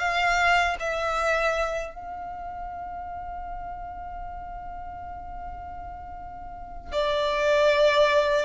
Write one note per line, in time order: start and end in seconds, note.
0.00 0.77 F5
0.80 1.95 E5
1.95 6.92 F5
6.92 8.46 D5